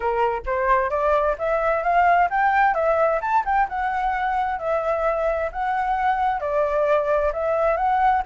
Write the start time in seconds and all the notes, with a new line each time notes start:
0.00 A#4
0.45 C5
0.90 D5
1.38 E5
1.83 F5
2.30 G5
2.74 E5
3.21 A5
3.45 G5
3.68 F#5
4.58 E5
5.51 F#5
6.40 D5
7.32 E5
7.76 F#5